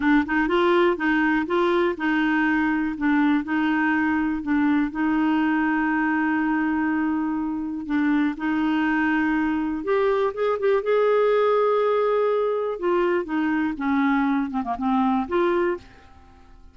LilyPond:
\new Staff \with { instrumentName = "clarinet" } { \time 4/4 \tempo 4 = 122 d'8 dis'8 f'4 dis'4 f'4 | dis'2 d'4 dis'4~ | dis'4 d'4 dis'2~ | dis'1 |
d'4 dis'2. | g'4 gis'8 g'8 gis'2~ | gis'2 f'4 dis'4 | cis'4. c'16 ais16 c'4 f'4 | }